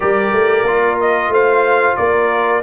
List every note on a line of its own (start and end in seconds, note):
0.00 0.32 G3
0.00 0.65 G4
0.00 1.31 A#4
0.00 0.99 D5
0.32 0.63 A3
0.63 1.28 A#3
0.63 2.62 F4
1.00 1.33 D#5
1.28 1.94 A3
1.28 1.97 C5
1.28 1.96 F5
1.96 2.62 A#3
1.96 2.62 A#4
1.96 2.62 D5